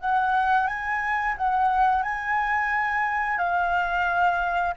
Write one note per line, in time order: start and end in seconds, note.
0.00 0.67 F#5
0.67 1.35 G#5
1.37 2.02 F#5
2.02 3.38 G#5
3.38 4.74 F5